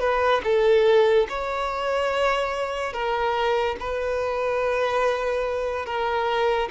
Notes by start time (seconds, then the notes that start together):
0.00 B4
0.44 A4
1.30 C#5
2.93 A#4
3.80 B4
5.86 A#4